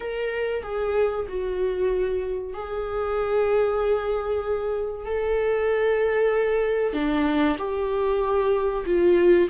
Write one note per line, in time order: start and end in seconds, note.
0.00 0.62 A#4
0.62 1.25 G#4
1.28 2.53 F#4
2.53 5.05 G#4
5.05 6.93 A4
6.93 7.56 D4
7.58 8.84 G4
8.85 9.48 F4